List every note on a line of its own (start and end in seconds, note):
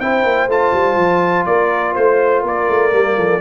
0.00 0.24 C4
0.00 0.50 E4
0.00 1.48 C5
0.00 0.49 G5
0.24 0.48 A#3
0.48 0.72 A3
0.48 2.91 F4
0.48 1.46 A5
0.73 0.96 G3
0.96 1.45 F3
1.46 1.95 A#3
1.46 1.93 A#4
1.46 1.94 D5
1.93 2.44 A3
1.93 2.41 C5
1.93 2.44 C5
2.41 2.68 A#3
2.41 3.15 A#4
2.41 3.41 D5
2.69 2.92 A3
2.91 3.17 G3
2.91 3.40 A#3
3.17 3.41 F3
3.17 3.41 A4